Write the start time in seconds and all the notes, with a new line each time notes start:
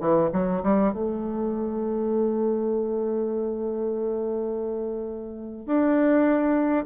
0.00 E3
0.32 F#3
0.63 G3
0.92 A3
5.66 D4